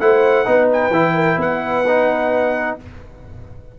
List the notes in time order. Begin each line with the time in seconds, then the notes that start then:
0.00 A3 E4 C5 F#5
0.45 B3 D#4 B4
0.72 G5
0.90 E3 E4
1.15 A#4
1.37 B3 B4 F#5
1.88 D#4